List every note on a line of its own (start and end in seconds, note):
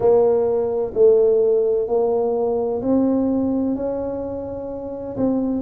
0.00 0.93 A#3
0.94 1.87 A3
1.87 2.81 A#3
2.82 3.75 C4
3.75 5.16 C#4
5.16 5.61 C4